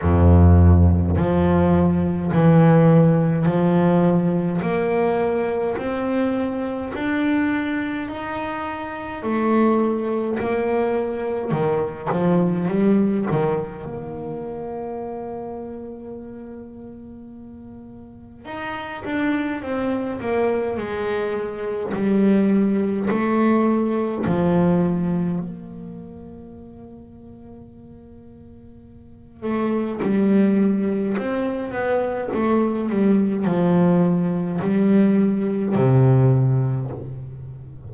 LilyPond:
\new Staff \with { instrumentName = "double bass" } { \time 4/4 \tempo 4 = 52 f,4 f4 e4 f4 | ais4 c'4 d'4 dis'4 | a4 ais4 dis8 f8 g8 dis8 | ais1 |
dis'8 d'8 c'8 ais8 gis4 g4 | a4 f4 ais2~ | ais4. a8 g4 c'8 b8 | a8 g8 f4 g4 c4 | }